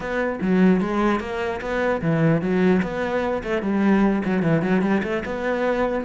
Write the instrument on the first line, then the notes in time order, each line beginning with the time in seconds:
cello
0.00 B3
0.41 F#3
0.81 G#3
1.20 A#3
1.61 B3
2.01 E3
2.41 F#3
2.82 B3
3.43 A3
3.61 G3
4.24 F#3
4.42 E3
4.61 F#3
4.81 G3
5.03 A3
5.25 B3